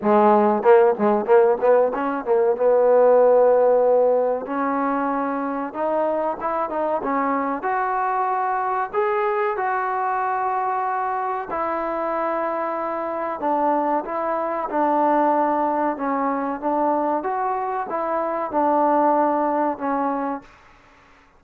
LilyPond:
\new Staff \with { instrumentName = "trombone" } { \time 4/4 \tempo 4 = 94 gis4 ais8 gis8 ais8 b8 cis'8 ais8 | b2. cis'4~ | cis'4 dis'4 e'8 dis'8 cis'4 | fis'2 gis'4 fis'4~ |
fis'2 e'2~ | e'4 d'4 e'4 d'4~ | d'4 cis'4 d'4 fis'4 | e'4 d'2 cis'4 | }